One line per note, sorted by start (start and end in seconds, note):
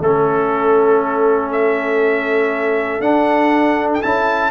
0.00 3.00 A3
0.00 3.02 C#4
0.00 1.52 A4
0.00 4.50 A4
1.52 3.01 E5
3.00 4.00 D4
3.00 4.02 D4
3.00 3.88 F#5
3.94 4.02 G5
4.02 4.50 C#4
4.02 4.50 E4
4.02 4.50 A5